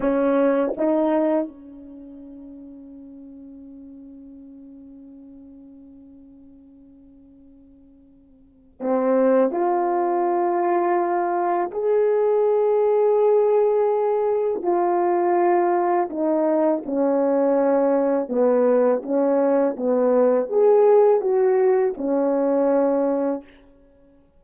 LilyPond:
\new Staff \with { instrumentName = "horn" } { \time 4/4 \tempo 4 = 82 cis'4 dis'4 cis'2~ | cis'1~ | cis'1 | c'4 f'2. |
gis'1 | f'2 dis'4 cis'4~ | cis'4 b4 cis'4 b4 | gis'4 fis'4 cis'2 | }